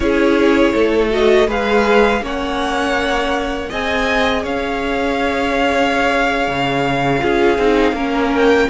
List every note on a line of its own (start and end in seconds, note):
0.00 0.73 C#4
0.00 1.10 E4
0.00 0.73 G#4
0.00 1.08 C#5
0.73 1.47 A3
0.73 1.47 A4
1.10 1.47 F#4
1.10 1.50 D#5
1.47 2.21 G#3
1.47 2.21 G#4
1.47 2.21 B4
1.47 2.24 F5
2.21 3.69 A#3
2.21 3.69 C#4
2.21 3.69 C#5
2.21 3.72 F#5
3.69 4.44 C4
3.69 7.19 G#4
3.69 4.42 D#5
3.69 4.45 G#5
4.42 6.47 C#4
4.42 7.20 C#5
4.42 8.33 F5
6.47 7.21 C#3
7.19 7.58 C#4
7.19 7.56 F4
7.19 7.95 G#4
7.58 7.92 C4
7.58 7.95 D#4
7.92 8.66 A#3
7.92 8.69 C#4
7.92 8.69 A#4
8.33 8.69 G5